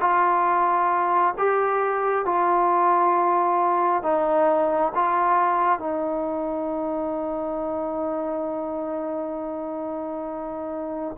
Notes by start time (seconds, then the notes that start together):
0.00 F4
1.38 G4
2.25 F4
4.03 D#4
4.94 F4
5.79 D#4